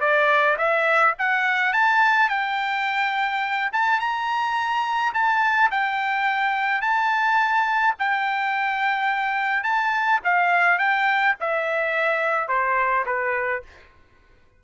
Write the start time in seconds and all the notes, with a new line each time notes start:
0.00 D5
0.58 E5
1.19 F#5
1.73 A5
2.29 G5
3.72 A5
4.00 A#5
5.14 A5
5.71 G5
6.81 A5
7.99 G5
9.63 A5
10.24 F5
10.78 G5
11.40 E5
12.48 C5
13.06 B4